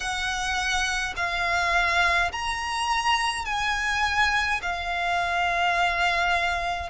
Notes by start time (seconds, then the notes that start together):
0.00 F#5
1.16 F5
2.31 A#5
3.45 G#5
4.62 F5